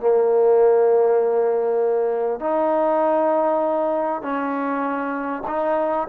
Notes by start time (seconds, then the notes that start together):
0.00 A#3
2.40 D#4
4.22 C#4
5.47 D#4